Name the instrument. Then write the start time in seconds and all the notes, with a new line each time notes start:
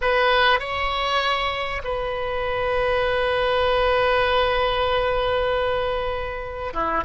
oboe
0.01 B4
0.59 C#5
1.83 B4
6.73 E4